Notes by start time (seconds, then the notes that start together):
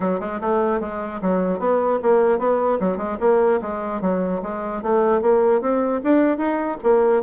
0.00 F#3
0.19 G#3
0.41 A3
0.80 G#3
1.21 F#3
1.59 B3
2.02 A#3
2.39 B3
2.80 F#3
2.97 G#3
3.20 A#3
3.61 G#3
4.01 F#3
4.42 G#3
4.82 A3
5.21 A#3
5.61 C4
6.03 D4
6.37 D#4
6.83 A#3